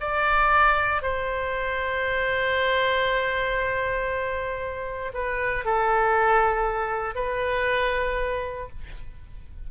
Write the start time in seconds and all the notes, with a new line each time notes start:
0.00 D5
1.02 C5
5.14 B4
5.65 A4
7.15 B4